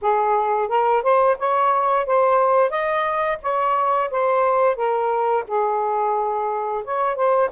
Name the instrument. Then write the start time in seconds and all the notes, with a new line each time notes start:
saxophone
0.01 G#4
0.68 A#4
1.02 C5
1.38 C#5
2.06 C5
2.69 D#5
3.42 C#5
4.10 C5
4.75 A#4
5.47 G#4
6.84 C#5
7.15 C5